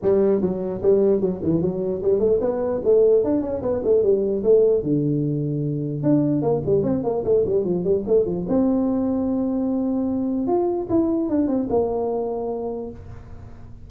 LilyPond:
\new Staff \with { instrumentName = "tuba" } { \time 4/4 \tempo 4 = 149 g4 fis4 g4 fis8 e8 | fis4 g8 a8 b4 a4 | d'8 cis'8 b8 a8 g4 a4 | d2. d'4 |
ais8 g8 c'8 ais8 a8 g8 f8 g8 | a8 f8 c'2.~ | c'2 f'4 e'4 | d'8 c'8 ais2. | }